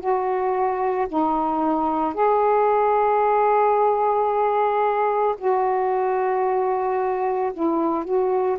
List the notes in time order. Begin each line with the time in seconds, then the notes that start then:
0.00 F#4
1.08 D#4
2.14 G#4
5.38 F#4
7.53 E4
8.05 F#4